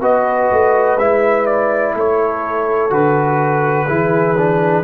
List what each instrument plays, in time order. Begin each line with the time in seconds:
0.00 tuba B3, trombone F#4, horn B4, trumpet D#5
0.51 tuba A3
0.97 tuba G#3, trombone E4, trumpet E5
1.46 trumpet D5
1.95 tuba A3, horn A4, trumpet C#5
2.90 tuba D3, trombone F#4, trumpet B4
3.88 tuba E3, trombone E4, horn G#4
4.38 trombone D4